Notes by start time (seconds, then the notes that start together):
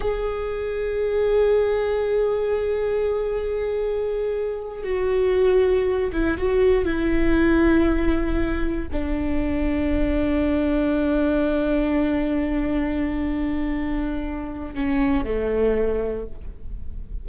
0.00 G#4
4.83 F#4
6.12 E4
6.37 F#4
6.85 E4
8.92 D4
14.74 C#4
15.24 A3